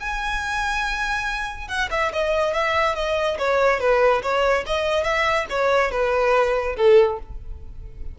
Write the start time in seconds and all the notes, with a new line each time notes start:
0.00 G#5
1.68 F#5
1.91 E5
2.13 D#5
2.54 E5
2.95 D#5
3.38 C#5
3.80 B4
4.22 C#5
4.66 D#5
5.04 E5
5.50 C#5
5.92 B4
6.77 A4